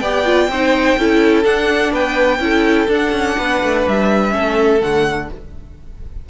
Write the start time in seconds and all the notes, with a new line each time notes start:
0.00 B3 G4 D5 G5
0.25 F4
0.48 C4 D#4 C5
0.98 C#4 E4 A4
1.44 D4 F#5
1.92 B3 B4 G5
2.40 C#4 E4 A4
2.88 D4
2.94 F#5
3.13 C#4
3.38 B3 B4
3.63 A3
3.88 G3 E5
4.30 A3 C#4 A4
4.82 D3 A3 F#5